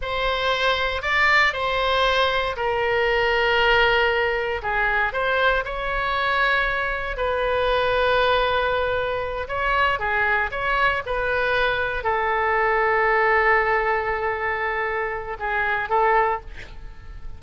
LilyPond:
\new Staff \with { instrumentName = "oboe" } { \time 4/4 \tempo 4 = 117 c''2 d''4 c''4~ | c''4 ais'2.~ | ais'4 gis'4 c''4 cis''4~ | cis''2 b'2~ |
b'2~ b'8 cis''4 gis'8~ | gis'8 cis''4 b'2 a'8~ | a'1~ | a'2 gis'4 a'4 | }